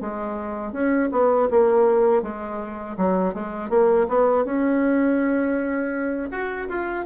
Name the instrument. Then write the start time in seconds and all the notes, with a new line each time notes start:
bassoon
0.00 G#3
0.72 C#4
1.11 B3
1.50 A#3
2.22 G#3
2.97 F#3
3.34 G#3
3.69 A#3
4.08 B3
4.44 C#4
6.31 F#4
6.68 F4